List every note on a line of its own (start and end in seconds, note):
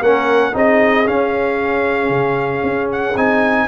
0.00 0.53 A#3
0.00 0.53 C#4
0.00 0.52 A#4
0.00 0.55 F#5
0.53 1.07 C4
0.53 1.05 D#4
0.53 3.67 G#4
0.53 1.07 D#5
1.05 3.14 C#4
1.05 2.09 C#4
1.05 2.90 F5
2.09 2.62 C#3
2.63 3.15 C#4
2.92 3.17 F#5
3.15 3.68 C4
3.15 3.68 D#4
3.15 3.68 G#5